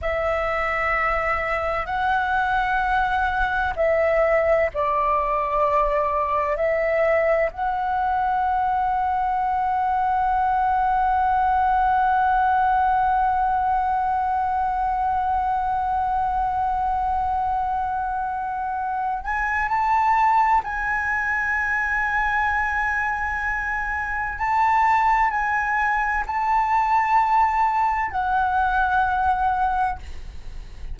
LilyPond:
\new Staff \with { instrumentName = "flute" } { \time 4/4 \tempo 4 = 64 e''2 fis''2 | e''4 d''2 e''4 | fis''1~ | fis''1~ |
fis''1~ | fis''8 gis''8 a''4 gis''2~ | gis''2 a''4 gis''4 | a''2 fis''2 | }